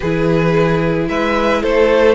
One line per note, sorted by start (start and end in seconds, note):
0.00 1.09 E3
0.00 2.14 E4
0.00 1.07 G#4
0.00 1.07 B4
1.09 1.63 G#3
1.09 1.62 B4
1.09 1.62 E5
1.62 2.14 A3
1.62 2.14 A4
1.62 2.14 C5